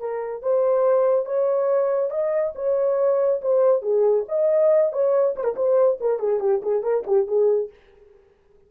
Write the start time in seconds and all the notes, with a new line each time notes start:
0.00 A#4
0.43 C5
1.26 C#5
2.11 D#5
2.56 C#5
3.42 C5
3.82 G#4
4.29 D#5
4.93 C#5
5.36 C5
5.44 A#4
5.56 C5
6.01 A#4
6.19 G#4
6.40 G4
6.63 G#4
6.83 A#4
7.07 G4
7.27 G#4